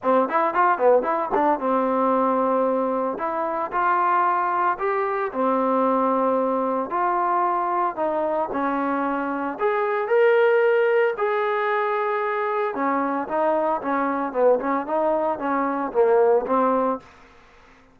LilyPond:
\new Staff \with { instrumentName = "trombone" } { \time 4/4 \tempo 4 = 113 c'8 e'8 f'8 b8 e'8 d'8 c'4~ | c'2 e'4 f'4~ | f'4 g'4 c'2~ | c'4 f'2 dis'4 |
cis'2 gis'4 ais'4~ | ais'4 gis'2. | cis'4 dis'4 cis'4 b8 cis'8 | dis'4 cis'4 ais4 c'4 | }